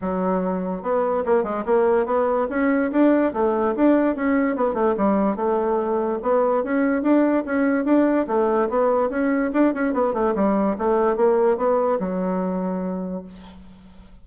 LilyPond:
\new Staff \with { instrumentName = "bassoon" } { \time 4/4 \tempo 4 = 145 fis2 b4 ais8 gis8 | ais4 b4 cis'4 d'4 | a4 d'4 cis'4 b8 a8 | g4 a2 b4 |
cis'4 d'4 cis'4 d'4 | a4 b4 cis'4 d'8 cis'8 | b8 a8 g4 a4 ais4 | b4 fis2. | }